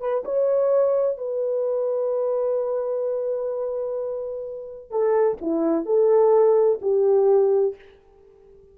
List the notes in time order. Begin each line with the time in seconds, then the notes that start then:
0.00 B4
0.25 C#5
1.18 B4
4.91 A4
5.41 E4
5.86 A4
6.82 G4